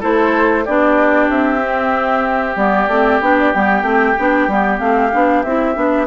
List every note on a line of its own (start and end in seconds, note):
0.00 0.66 A3
0.00 0.65 E4
0.00 0.64 A4
0.00 0.65 C5
0.64 1.29 B3
0.64 1.61 D4
0.64 6.07 G4
0.64 1.29 D5
1.29 2.56 C4
1.29 2.57 E5
1.61 2.56 C4
2.56 2.88 G3
2.56 2.88 B3
2.56 3.20 D5
2.88 3.20 A3
2.88 3.22 C4
3.21 3.53 B3
3.21 3.54 D4
3.21 3.37 G5
3.39 3.53 D5
3.53 3.82 G3
3.53 3.83 B3
3.53 4.79 G5
3.82 4.14 A3
3.82 4.15 C4
4.19 4.47 B3
4.19 4.49 D4
4.47 4.79 G3
4.47 4.79 B3
4.79 5.11 A3
4.79 5.11 C4
4.79 5.43 F5
5.13 5.44 B3
5.13 5.45 D4
5.43 5.76 C4
5.43 5.75 E4
5.43 6.07 E5
5.75 6.07 B3
5.75 6.07 D4